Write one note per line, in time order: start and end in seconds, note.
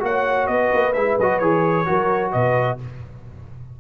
0.00 0.48 A#3
0.00 0.92 F#4
0.00 0.50 C#5
0.00 0.47 F#5
0.47 0.71 B3
0.47 1.88 B4
0.47 0.93 D#5
0.73 0.95 A#3
0.93 1.19 G#3
0.93 1.20 E4
0.93 1.16 E5
1.19 1.41 F#3
1.19 1.42 F#4
1.19 1.39 D#5
1.39 1.87 E3
1.39 1.86 G#4
1.39 2.31 C#5
1.86 2.34 F#3
1.86 2.78 F#4
1.86 2.33 A#4
2.32 2.80 B2
2.32 2.79 B4
2.32 2.78 D#5